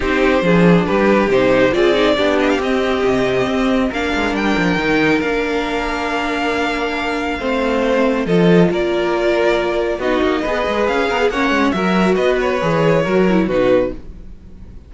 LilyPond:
<<
  \new Staff \with { instrumentName = "violin" } { \time 4/4 \tempo 4 = 138 c''2 b'4 c''4 | d''4. dis''16 f''16 dis''2~ | dis''4 f''4 g''2 | f''1~ |
f''2. dis''4 | d''2. dis''4~ | dis''4 f''4 fis''4 e''4 | dis''8 cis''2~ cis''8 b'4 | }
  \new Staff \with { instrumentName = "violin" } { \time 4/4 g'4 gis'4 g'2 | gis'4 g'2.~ | g'4 ais'2.~ | ais'1~ |
ais'4 c''2 a'4 | ais'2. fis'4 | b'4. ais'16 gis'16 cis''4 ais'4 | b'2 ais'4 fis'4 | }
  \new Staff \with { instrumentName = "viola" } { \time 4/4 dis'4 d'2 dis'4 | f'8 dis'8 d'4 c'2~ | c'4 d'2 dis'4 | d'1~ |
d'4 c'2 f'4~ | f'2. dis'4 | gis'2 cis'4 fis'4~ | fis'4 gis'4 fis'8 e'8 dis'4 | }
  \new Staff \with { instrumentName = "cello" } { \time 4/4 c'4 f4 g4 c4 | c'4 b4 c'4 c4 | c'4 ais8 gis8 g8 f8 dis4 | ais1~ |
ais4 a2 f4 | ais2. b8 ais8 | b8 gis8 cis'8 b8 ais8 gis8 fis4 | b4 e4 fis4 b,4 | }
>>